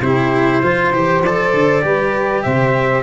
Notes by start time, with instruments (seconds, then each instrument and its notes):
0.00 tuba C3, cello E4, saxophone G4, trumpet C5
0.62 tuba F3, cello F4, saxophone C5
0.92 tuba E3, cello G4
1.20 tuba F3, cello A4, trumpet D5
1.53 tuba D3
1.82 tuba G3, cello G4, saxophone B4
2.42 tuba C3, saxophone C5, trumpet E5